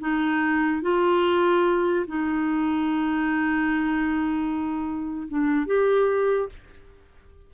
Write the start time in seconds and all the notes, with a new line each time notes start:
0.00 D#4
0.82 F4
2.07 D#4
5.28 D4
5.66 G4